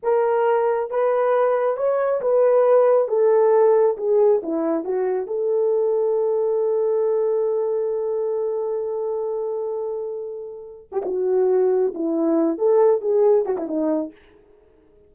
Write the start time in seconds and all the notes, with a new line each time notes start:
0.02 A#4
0.90 B4
1.76 C#5
2.21 B4
3.08 A4
3.97 G#4
4.43 E4
4.84 F#4
5.26 A4
10.92 G4
11.05 F#4
11.94 E4
12.58 A4
13.01 G#4
13.45 F#4
13.57 E4
13.67 D#4